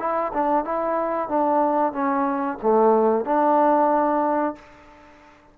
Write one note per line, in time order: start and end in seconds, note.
0.00 0.33 E4
0.34 0.65 D4
0.65 1.29 E4
1.29 1.93 D4
1.93 2.58 C#4
2.63 3.25 A3
3.25 4.56 D4